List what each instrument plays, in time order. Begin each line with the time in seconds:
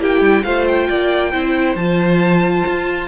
0.00 cello A#3, viola E4, violin G4 G5
0.21 cello G3
0.44 cello A3, viola F4, violin C5 F5
0.68 violin G5
0.89 cello A#3, violin D5
1.32 cello C4, viola E4, violin C5
1.76 cello F3, viola F4, violin A5
2.67 cello F4